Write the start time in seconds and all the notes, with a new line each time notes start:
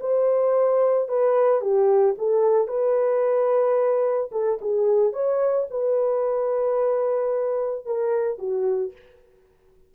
0.00 C5
1.08 B4
1.61 G4
2.18 A4
2.68 B4
4.31 A4
4.61 G#4
5.12 C#5
5.70 B4
7.85 A#4
8.38 F#4